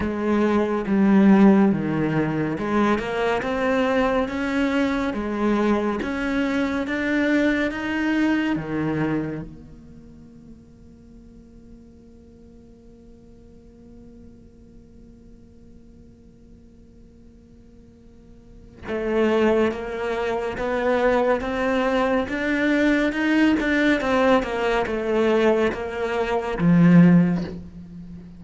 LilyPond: \new Staff \with { instrumentName = "cello" } { \time 4/4 \tempo 4 = 70 gis4 g4 dis4 gis8 ais8 | c'4 cis'4 gis4 cis'4 | d'4 dis'4 dis4 ais4~ | ais1~ |
ais1~ | ais2 a4 ais4 | b4 c'4 d'4 dis'8 d'8 | c'8 ais8 a4 ais4 f4 | }